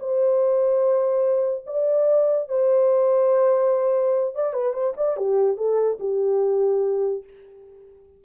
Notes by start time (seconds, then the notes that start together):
0.00 C5
1.67 D5
2.49 C5
4.35 D5
4.54 B4
4.74 C5
4.97 D5
5.17 G4
5.57 A4
6.00 G4